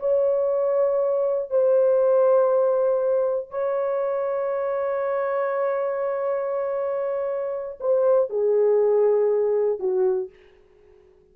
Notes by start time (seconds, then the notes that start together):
0.00 C#5
1.51 C5
3.51 C#5
7.81 C5
8.30 G#4
9.80 F#4